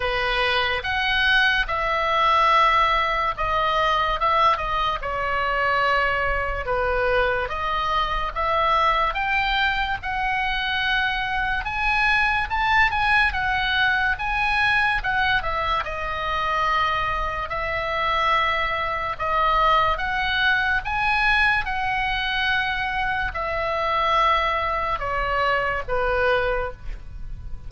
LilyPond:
\new Staff \with { instrumentName = "oboe" } { \time 4/4 \tempo 4 = 72 b'4 fis''4 e''2 | dis''4 e''8 dis''8 cis''2 | b'4 dis''4 e''4 g''4 | fis''2 gis''4 a''8 gis''8 |
fis''4 gis''4 fis''8 e''8 dis''4~ | dis''4 e''2 dis''4 | fis''4 gis''4 fis''2 | e''2 cis''4 b'4 | }